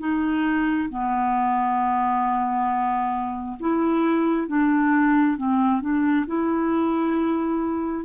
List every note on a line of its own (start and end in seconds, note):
0.00 0.90 D#4
0.90 3.58 B3
3.60 4.48 E4
4.48 5.37 D4
5.38 5.81 C4
5.81 6.26 D4
6.27 8.06 E4